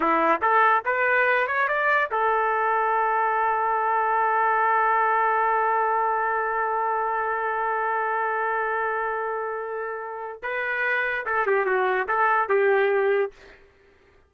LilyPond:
\new Staff \with { instrumentName = "trumpet" } { \time 4/4 \tempo 4 = 144 e'4 a'4 b'4. cis''8 | d''4 a'2.~ | a'1~ | a'1~ |
a'1~ | a'1~ | a'4 b'2 a'8 g'8 | fis'4 a'4 g'2 | }